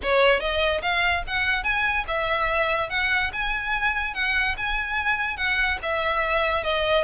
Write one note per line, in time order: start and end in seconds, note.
0.02 0.39 C#5
0.39 0.81 D#5
0.82 1.23 F5
1.27 1.63 F#5
1.63 2.04 G#5
2.07 2.89 E5
2.89 3.31 F#5
3.33 4.14 G#5
4.14 4.55 F#5
4.57 5.36 G#5
5.36 5.78 F#5
5.82 6.63 E5
6.63 7.03 D#5